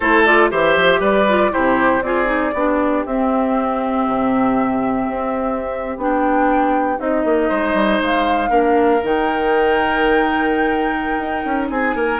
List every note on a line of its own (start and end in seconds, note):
0.00 0.51 A3
0.00 0.26 E4
0.00 0.49 A4
0.00 0.24 C5
0.24 0.51 F4
0.24 0.50 D5
0.51 0.76 E3
0.51 1.27 G4
0.51 1.00 C5
0.51 1.02 E5
0.76 1.00 F3
1.00 1.51 G3
1.00 1.51 B4
1.00 1.53 D5
1.28 1.51 F4
1.51 2.02 C3
1.51 2.01 E4
1.51 2.03 G4
1.51 2.02 C5
2.02 2.52 C4
2.02 2.25 F4
2.02 2.54 G#4
2.02 3.04 D5
2.25 2.50 D#4
2.53 3.04 B3
2.53 3.07 D4
2.53 7.48 G4
3.06 4.07 C4
3.06 5.98 C4
3.06 5.98 E5
4.07 5.08 C3
5.08 5.97 C4
5.97 6.98 B3
5.97 6.98 D4
5.97 7.00 G5
6.98 7.24 C4
6.98 8.49 D#4
6.98 8.01 D#5
7.24 7.49 A#3
7.48 7.73 G#3
7.48 8.50 C5
7.73 7.99 G3
8.01 8.50 G#3
8.01 9.04 F5
8.49 9.01 A#3
8.49 9.00 D4
8.49 11.68 A#4
9.03 11.18 D#3
9.03 12.20 D#4
9.03 11.69 G5
11.18 11.43 D#4
11.45 11.70 C#4
11.69 11.94 C4
11.69 11.95 G#4
11.69 12.20 G#5
11.94 12.20 A#3
11.94 12.20 A#4